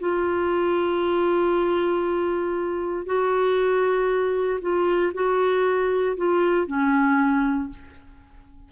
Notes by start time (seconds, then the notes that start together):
0.00 F4
3.06 F#4
4.61 F4
5.14 F#4
6.17 F4
6.67 C#4